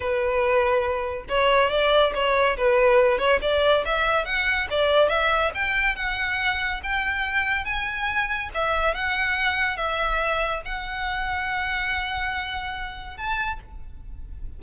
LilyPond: \new Staff \with { instrumentName = "violin" } { \time 4/4 \tempo 4 = 141 b'2. cis''4 | d''4 cis''4 b'4. cis''8 | d''4 e''4 fis''4 d''4 | e''4 g''4 fis''2 |
g''2 gis''2 | e''4 fis''2 e''4~ | e''4 fis''2.~ | fis''2. a''4 | }